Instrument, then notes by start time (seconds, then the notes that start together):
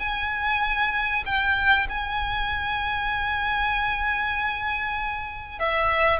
violin
0.00 G#5
1.26 G5
1.90 G#5
5.60 E5